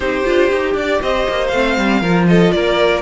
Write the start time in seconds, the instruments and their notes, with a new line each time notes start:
0.00 cello C4, viola D#4, violin G4 C5
0.24 cello D4, viola F4
0.51 cello D#4, viola G4
0.74 cello D4, violin D5
1.01 cello C4, violin C5 D#5
1.28 cello A#3
1.47 cello A3, viola C4, violin F5
1.77 cello G3
2.00 cello F3, viola F4, violin A#4
2.27 violin A4 D#5
2.52 cello A#3, violin A#4 D5